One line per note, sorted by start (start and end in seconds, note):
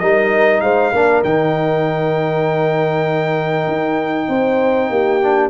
0.00 0.62 G3
0.00 0.95 D#4
0.00 0.61 A#4
0.00 0.61 D#5
0.61 0.93 G#3
0.61 0.92 C5
0.61 1.22 F5
0.92 1.24 A#3
0.92 1.25 D4
0.92 4.29 A#4
1.24 3.68 D#3
1.24 5.23 D#4
1.24 5.51 G5
3.68 4.29 D#4
4.29 4.90 C4
4.29 4.91 C5
4.90 5.51 A#3
4.90 5.51 G4
5.23 5.51 D4